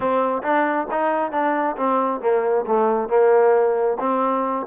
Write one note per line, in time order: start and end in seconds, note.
0.00 0.42 C4
0.42 0.87 D4
0.91 1.31 D#4
1.31 1.76 D4
1.76 2.20 C4
2.20 2.65 A#3
2.66 3.08 A3
3.08 3.97 A#3
3.99 4.66 C4